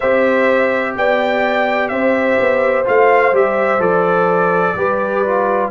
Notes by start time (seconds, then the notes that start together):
0.00 C4 G4 C5 E5
0.96 B3 D5 G5
1.88 C4 C5 E5
2.39 B3
2.84 A3 F4 F5
3.32 G3 G4 E5
3.79 F3 A4 D5
4.75 G3 G4 B4
5.25 F4